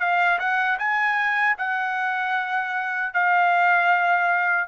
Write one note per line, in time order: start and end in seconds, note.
0.00 0.39 F5
0.39 0.78 F#5
0.79 1.57 G#5
1.58 3.13 F#5
3.13 4.68 F5